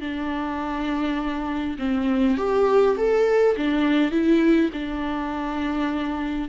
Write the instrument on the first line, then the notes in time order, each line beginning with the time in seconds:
viola
0.00 D4
1.78 C4
2.37 G4
2.97 A4
3.56 D4
4.11 E4
4.72 D4